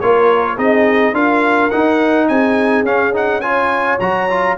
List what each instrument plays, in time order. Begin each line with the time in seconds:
0.00 tuba A#3, trombone F4, horn A#4, trumpet C#5
0.56 tuba C4, trombone D#4, horn G#4, trumpet D#5
1.13 tuba D4, trombone F4, horn A#4, trumpet F5
1.70 trombone D#4, tuba D#4, trumpet F#5
2.28 tuba C4, horn G#4, trumpet G#5
2.83 tuba C#4, trombone C#4, trumpet F5
3.13 trombone D#4, trumpet F#5
3.41 trombone F4, horn C#5, trumpet G#5
4.00 tuba F#3, trombone F#4, trumpet A#5
4.30 trombone F4